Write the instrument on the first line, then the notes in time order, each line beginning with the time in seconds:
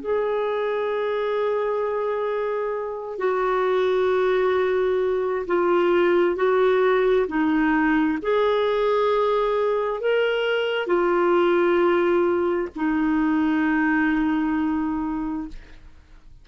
clarinet
0.00 G#4
3.19 F#4
5.47 F4
6.36 F#4
7.27 D#4
8.22 G#4
10.00 A#4
10.87 F4
12.75 D#4